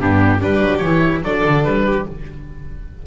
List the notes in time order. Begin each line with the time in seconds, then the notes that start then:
0.00 G2 B3 D4 G4
0.39 G3 D4 G4 B4
0.61 F#3
0.78 E3 C#5
0.86 E4
1.22 F#3 D4 A4 D5
1.45 D3
1.64 G3 B4
1.86 G4